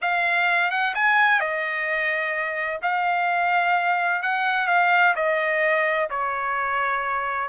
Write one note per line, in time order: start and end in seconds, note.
0.01 0.70 F5
0.70 0.94 F#5
0.94 1.39 G#5
1.39 2.80 D#5
2.82 4.22 F5
4.22 4.67 F#5
4.67 5.14 F5
5.15 6.09 D#5
6.10 7.49 C#5